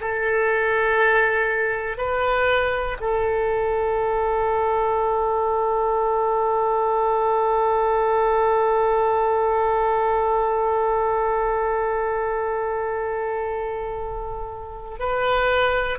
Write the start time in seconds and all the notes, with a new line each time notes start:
0.00 A4
1.97 B4
3.00 A4
14.99 B4